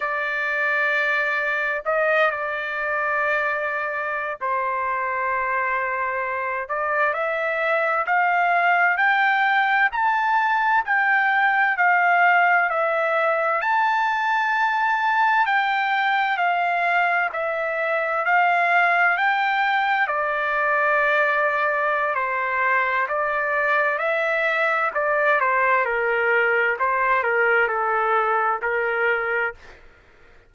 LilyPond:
\new Staff \with { instrumentName = "trumpet" } { \time 4/4 \tempo 4 = 65 d''2 dis''8 d''4.~ | d''8. c''2~ c''8 d''8 e''16~ | e''8. f''4 g''4 a''4 g''16~ | g''8. f''4 e''4 a''4~ a''16~ |
a''8. g''4 f''4 e''4 f''16~ | f''8. g''4 d''2~ d''16 | c''4 d''4 e''4 d''8 c''8 | ais'4 c''8 ais'8 a'4 ais'4 | }